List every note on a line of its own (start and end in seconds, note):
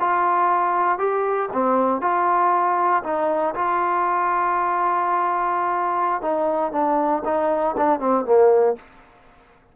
0.00 0.98 F4
0.98 1.49 G4
1.53 2.01 C4
2.01 3.03 F4
3.03 3.54 D#4
3.55 6.21 F4
6.21 6.72 D#4
6.72 7.22 D4
7.25 7.75 D#4
7.77 7.99 D4
7.99 8.25 C4
8.25 8.76 A#3